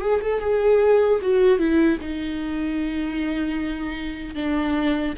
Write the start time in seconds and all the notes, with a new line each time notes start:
0.00 G#4
0.21 A4
0.40 G#4
1.21 F#4
1.58 E4
2.01 D#4
4.35 D4